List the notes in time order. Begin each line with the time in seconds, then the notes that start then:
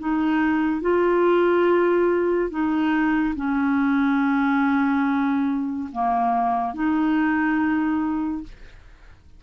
0.00 D#4
0.82 F4
2.50 D#4
3.36 C#4
5.92 A#3
6.75 D#4